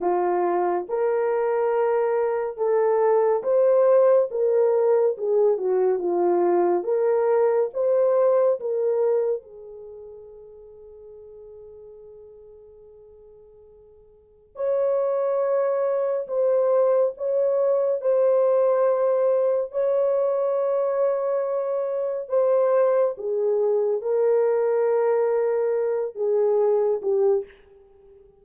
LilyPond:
\new Staff \with { instrumentName = "horn" } { \time 4/4 \tempo 4 = 70 f'4 ais'2 a'4 | c''4 ais'4 gis'8 fis'8 f'4 | ais'4 c''4 ais'4 gis'4~ | gis'1~ |
gis'4 cis''2 c''4 | cis''4 c''2 cis''4~ | cis''2 c''4 gis'4 | ais'2~ ais'8 gis'4 g'8 | }